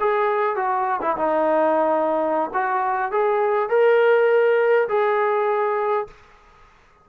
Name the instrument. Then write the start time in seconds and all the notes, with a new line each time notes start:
trombone
0.00 G#4
0.56 F#4
1.02 E4
1.17 D#4
2.54 F#4
3.12 G#4
3.69 A#4
4.89 G#4